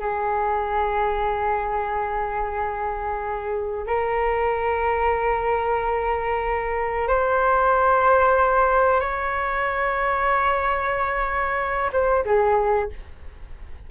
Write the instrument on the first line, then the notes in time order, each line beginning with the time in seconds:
flute
0.00 G#4
3.87 A#4
7.08 C5
9.01 C#5
11.93 C5
12.25 G#4